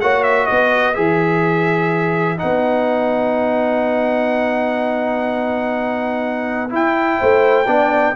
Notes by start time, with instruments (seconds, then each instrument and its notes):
0.00 tuba A#3, trombone F#4, horn C#5, trumpet F#5
0.23 trumpet E5
0.46 tuba B3, horn B4, trumpet D#5
0.94 tuba E3, trombone G#4, trumpet E5
2.37 tuba B3, trombone D#4, trumpet F#5
6.69 trombone E4, tuba E4, trumpet G5
7.19 tuba A3, horn C5
7.66 tuba B3, trombone D4, horn D5